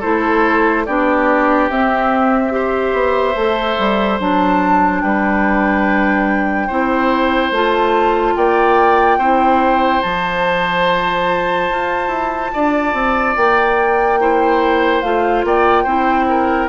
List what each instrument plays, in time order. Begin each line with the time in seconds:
0.00 bassoon A3, clarinet E4, oboe A4, flute C5
0.86 bassoon B3, clarinet D4, oboe G4, flute D5
1.70 bassoon C4, clarinet C4, flute E5
2.51 clarinet G4, oboe C5
2.93 bassoon B3
3.35 bassoon A3, clarinet A4
3.78 bassoon G3
4.20 bassoon F#3, clarinet D4, flute A5
5.01 bassoon G3, oboe B4, flute G5
6.67 bassoon C4, clarinet E4, oboe C5
7.51 bassoon A3, clarinet F4, flute A5
8.36 bassoon A#3, oboe D5, flute G5
9.18 bassoon C4, clarinet E4, oboe C5
10.03 bassoon F3, clarinet F4, flute A5
11.71 bassoon F4
12.08 bassoon E4
12.53 bassoon D4, oboe D5
12.94 bassoon C4
13.36 bassoon A#3, flute G5
14.21 clarinet E4, oboe C5
15.02 bassoon A3, clarinet F4, flute F5
15.44 bassoon A#3, oboe D5, flute G5
15.84 bassoon C4, clarinet E4, oboe C5
16.29 oboe A#4